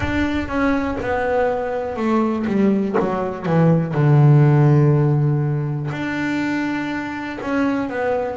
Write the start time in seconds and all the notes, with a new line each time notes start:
0.00 D4
0.48 C#4
1.01 B3
1.96 A3
2.46 G3
2.99 F#3
3.46 E3
3.93 D3
5.91 D4
7.41 C#4
7.89 B3